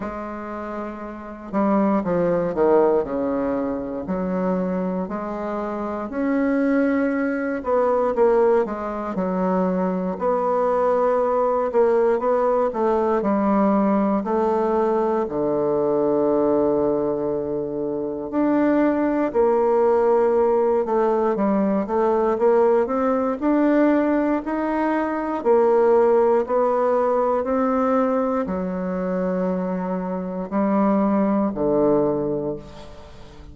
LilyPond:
\new Staff \with { instrumentName = "bassoon" } { \time 4/4 \tempo 4 = 59 gis4. g8 f8 dis8 cis4 | fis4 gis4 cis'4. b8 | ais8 gis8 fis4 b4. ais8 | b8 a8 g4 a4 d4~ |
d2 d'4 ais4~ | ais8 a8 g8 a8 ais8 c'8 d'4 | dis'4 ais4 b4 c'4 | fis2 g4 d4 | }